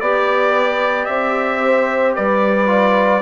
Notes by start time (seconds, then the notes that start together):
0.00 B3 G4 D5
1.05 C4 E5
1.65 C5
2.15 G3 B4 D5
2.67 F4